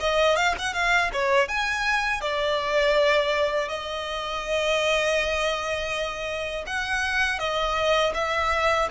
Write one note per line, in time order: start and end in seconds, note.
0.00 0.36 D#5
0.36 0.55 F5
0.59 0.74 F#5
0.74 1.11 F5
1.13 1.48 C#5
1.48 2.21 G#5
2.21 3.69 D5
3.69 6.65 D#5
6.67 7.39 F#5
7.39 8.13 D#5
8.14 8.88 E5